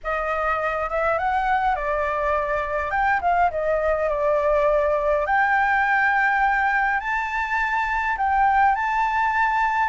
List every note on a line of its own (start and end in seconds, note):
0.03 0.89 D#5
0.89 1.18 E5
1.18 1.75 F#5
1.75 2.90 D5
2.90 3.19 G5
3.21 3.50 F5
3.50 4.09 D#5
4.09 5.26 D5
5.26 7.00 G5
7.00 8.16 A5
8.17 8.75 G5
8.75 9.89 A5